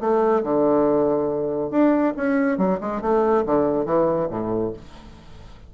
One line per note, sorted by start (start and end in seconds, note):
0.00 0.43 A3
0.43 1.70 D3
1.70 2.13 D4
2.16 2.58 C#4
2.58 2.79 F#3
2.81 3.01 G#3
3.01 3.44 A3
3.45 3.85 D3
3.85 4.28 E3
4.30 4.73 A2